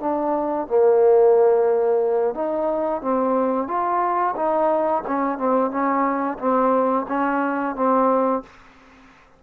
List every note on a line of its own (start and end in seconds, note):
0.00 0.67 D4
0.68 2.35 A#3
2.35 3.02 D#4
3.02 3.68 C4
3.68 4.35 F4
4.36 5.03 D#4
5.07 5.38 C#4
5.38 5.71 C4
5.71 6.38 C#4
6.39 7.06 C4
7.08 7.76 C#4
7.76 8.43 C4